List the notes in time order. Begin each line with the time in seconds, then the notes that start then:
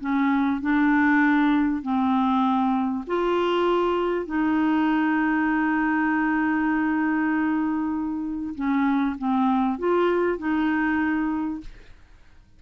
0.00 C#4
0.61 D4
1.82 C4
3.07 F4
4.26 D#4
8.55 C#4
9.18 C4
9.79 F4
10.38 D#4